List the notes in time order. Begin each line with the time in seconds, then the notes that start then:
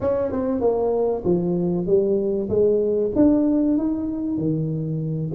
0.00 C#4
0.31 C4
0.60 A#3
1.24 F3
1.86 G3
2.49 G#3
3.15 D4
3.77 D#4
4.37 D#3